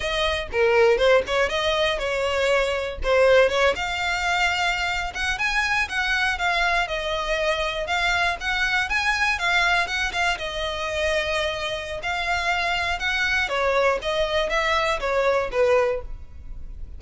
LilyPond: \new Staff \with { instrumentName = "violin" } { \time 4/4 \tempo 4 = 120 dis''4 ais'4 c''8 cis''8 dis''4 | cis''2 c''4 cis''8 f''8~ | f''2~ f''16 fis''8 gis''4 fis''16~ | fis''8. f''4 dis''2 f''16~ |
f''8. fis''4 gis''4 f''4 fis''16~ | fis''16 f''8 dis''2.~ dis''16 | f''2 fis''4 cis''4 | dis''4 e''4 cis''4 b'4 | }